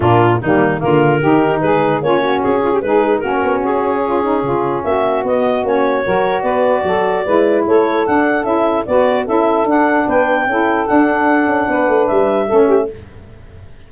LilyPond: <<
  \new Staff \with { instrumentName = "clarinet" } { \time 4/4 \tempo 4 = 149 f'4 dis'4 ais'2 | b'4 cis''4 gis'4 b'4 | ais'4 gis'2. | e''4 dis''4 cis''2 |
d''2. cis''4 | fis''4 e''4 d''4 e''4 | fis''4 g''2 fis''4~ | fis''2 e''2 | }
  \new Staff \with { instrumentName = "saxophone" } { \time 4/4 d'4 ais4 f'4 g'4 | gis'4 f'8 fis'4 f'16 g'16 gis'4 | fis'2 f'8 dis'8 f'4 | fis'2. ais'4 |
b'4 a'4 b'4 a'4~ | a'2 b'4 a'4~ | a'4 b'4 a'2~ | a'4 b'2 a'8 g'8 | }
  \new Staff \with { instrumentName = "saxophone" } { \time 4/4 ais4 g4 ais4 dis'4~ | dis'4 cis'2 dis'4 | cis'1~ | cis'4 b4 cis'4 fis'4~ |
fis'2 e'2 | d'4 e'4 fis'4 e'4 | d'2 e'4 d'4~ | d'2. cis'4 | }
  \new Staff \with { instrumentName = "tuba" } { \time 4/4 ais,4 dis4 d4 dis4 | gis4 ais4 cis'4 gis4 | ais8 b8 cis'2 cis4 | ais4 b4 ais4 fis4 |
b4 fis4 gis4 a4 | d'4 cis'4 b4 cis'4 | d'4 b4 cis'4 d'4~ | d'8 cis'8 b8 a8 g4 a4 | }
>>